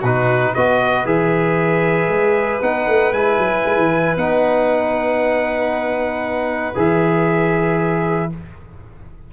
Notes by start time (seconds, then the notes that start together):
0.00 B2 D#4 F#4 B4
0.54 B3 F#4 B4 D#5
1.04 E3 G#4 E5
2.08 G#3
2.62 B3 D#4 F#5
2.87 A3
3.12 G#3 E4 G#5
3.38 F#3
3.65 G#3
3.77 E3
4.16 B3 D#4 F#5
6.74 E3 G#4 E5